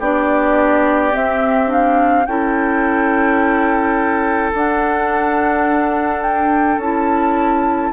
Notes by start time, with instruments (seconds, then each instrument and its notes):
0.00 bassoon B3, clarinet D4, oboe G4, flute D5
1.12 clarinet C4, bassoon C4, flute E5
1.68 clarinet D4, flute F5
2.27 bassoon C#4, clarinet E4, oboe A4, flute G5
4.54 bassoon D4, clarinet D4, flute F#5
6.23 flute G5
6.78 bassoon C#4, clarinet E4, flute A5